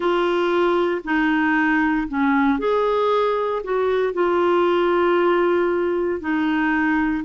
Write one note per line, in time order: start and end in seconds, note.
0.00 1.01 F4
1.04 2.07 D#4
2.08 2.59 C#4
2.59 3.62 G#4
3.63 4.13 F#4
4.13 6.20 F4
6.20 7.24 D#4